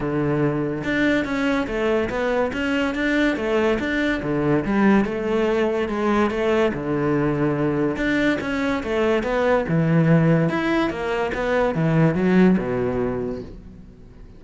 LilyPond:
\new Staff \with { instrumentName = "cello" } { \time 4/4 \tempo 4 = 143 d2 d'4 cis'4 | a4 b4 cis'4 d'4 | a4 d'4 d4 g4 | a2 gis4 a4 |
d2. d'4 | cis'4 a4 b4 e4~ | e4 e'4 ais4 b4 | e4 fis4 b,2 | }